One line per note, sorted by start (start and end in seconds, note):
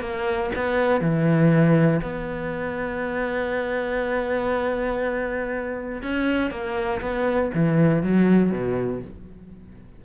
0.00 0.50 A#3
0.55 1.01 B3
1.01 2.01 E3
2.02 6.02 B3
6.02 6.50 C#4
6.50 7.00 A#3
7.01 7.51 B3
7.54 8.03 E3
8.03 8.51 F#3
8.51 9.01 B2